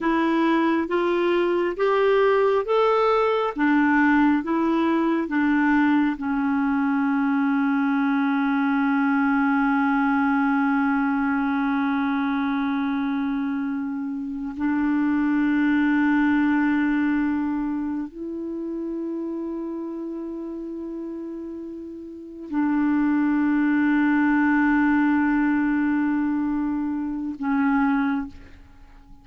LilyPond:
\new Staff \with { instrumentName = "clarinet" } { \time 4/4 \tempo 4 = 68 e'4 f'4 g'4 a'4 | d'4 e'4 d'4 cis'4~ | cis'1~ | cis'1~ |
cis'8 d'2.~ d'8~ | d'8 e'2.~ e'8~ | e'4. d'2~ d'8~ | d'2. cis'4 | }